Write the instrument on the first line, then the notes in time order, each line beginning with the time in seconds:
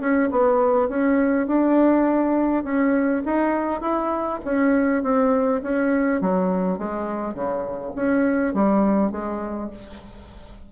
bassoon
0.00 C#4
0.30 B3
0.88 C#4
1.47 D4
2.64 C#4
3.25 D#4
3.80 E4
4.44 C#4
5.03 C4
5.62 C#4
6.21 F#3
6.78 G#3
7.34 C#3
7.95 C#4
8.54 G3
9.11 G#3